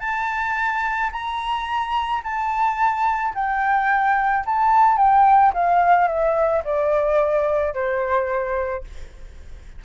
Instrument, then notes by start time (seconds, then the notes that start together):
flute
0.00 A5
1.12 A#5
2.23 A5
3.34 G5
4.45 A5
4.97 G5
5.53 F5
6.08 E5
6.64 D5
7.74 C5